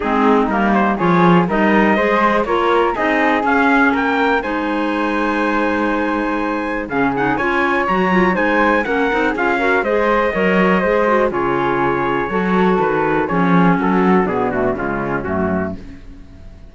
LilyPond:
<<
  \new Staff \with { instrumentName = "trumpet" } { \time 4/4 \tempo 4 = 122 gis'4 ais'8 c''8 cis''4 dis''4~ | dis''4 cis''4 dis''4 f''4 | g''4 gis''2.~ | gis''2 f''8 fis''8 gis''4 |
ais''4 gis''4 fis''4 f''4 | dis''2. cis''4~ | cis''2 b'4 cis''4 | a'4 gis'8 fis'8 f'4 fis'4 | }
  \new Staff \with { instrumentName = "flute" } { \time 4/4 dis'2 gis'4 ais'4 | c''4 ais'4 gis'2 | ais'4 c''2.~ | c''2 gis'4 cis''4~ |
cis''4 c''4 ais'4 gis'8 ais'8 | c''4 cis''4 c''4 gis'4~ | gis'4 a'2 gis'4 | fis'4 d'4 cis'2 | }
  \new Staff \with { instrumentName = "clarinet" } { \time 4/4 c'4 ais4 f'4 dis'4 | gis'4 f'4 dis'4 cis'4~ | cis'4 dis'2.~ | dis'2 cis'8 dis'8 f'4 |
fis'8 f'8 dis'4 cis'8 dis'8 f'8 fis'8 | gis'4 ais'4 gis'8 fis'8 f'4~ | f'4 fis'2 cis'4~ | cis'4 b8 a8 gis4 a4 | }
  \new Staff \with { instrumentName = "cello" } { \time 4/4 gis4 g4 f4 g4 | gis4 ais4 c'4 cis'4 | ais4 gis2.~ | gis2 cis4 cis'4 |
fis4 gis4 ais8 c'8 cis'4 | gis4 fis4 gis4 cis4~ | cis4 fis4 dis4 f4 | fis4 b,4 cis4 fis,4 | }
>>